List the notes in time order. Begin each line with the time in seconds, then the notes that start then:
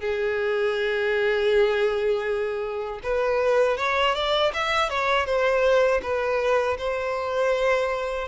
0.00 G#4
3.03 B4
3.77 C#5
4.15 D5
4.53 E5
4.90 C#5
5.26 C5
6.02 B4
6.78 C5